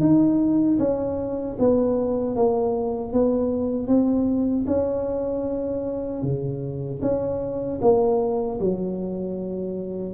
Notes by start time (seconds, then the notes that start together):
0.00 D#4
0.79 C#4
1.59 B3
2.36 A#3
3.12 B3
3.87 C4
4.66 C#4
6.22 C#3
7.02 C#4
7.81 A#3
8.60 F#3